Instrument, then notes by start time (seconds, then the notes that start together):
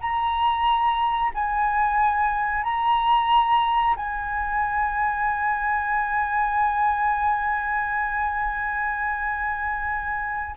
flute
0.00 A#5
1.34 G#5
2.63 A#5
3.96 G#5